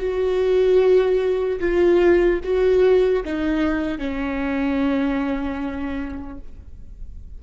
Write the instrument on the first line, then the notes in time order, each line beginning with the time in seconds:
viola
0.00 F#4
1.60 F4
2.44 F#4
3.25 D#4
3.99 C#4